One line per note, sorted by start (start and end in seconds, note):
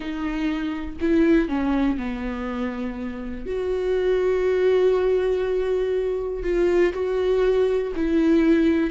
0.00 0.96 D#4
1.01 1.48 E4
1.48 1.97 C#4
1.97 3.46 B3
3.46 6.43 F#4
6.43 6.92 F4
6.93 7.92 F#4
7.95 8.90 E4